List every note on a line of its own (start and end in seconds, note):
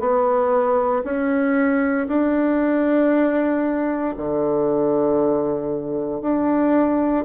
0.00 1.03 B3
1.04 2.08 C#4
2.08 4.15 D4
4.17 6.22 D3
6.22 7.25 D4